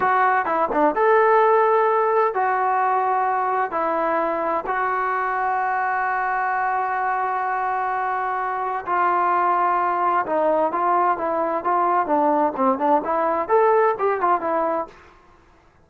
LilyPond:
\new Staff \with { instrumentName = "trombone" } { \time 4/4 \tempo 4 = 129 fis'4 e'8 d'8 a'2~ | a'4 fis'2. | e'2 fis'2~ | fis'1~ |
fis'2. f'4~ | f'2 dis'4 f'4 | e'4 f'4 d'4 c'8 d'8 | e'4 a'4 g'8 f'8 e'4 | }